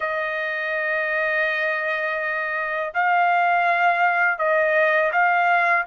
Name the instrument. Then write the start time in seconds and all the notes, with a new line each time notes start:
trumpet
0.00 D#5
2.93 F5
4.38 D#5
5.12 F5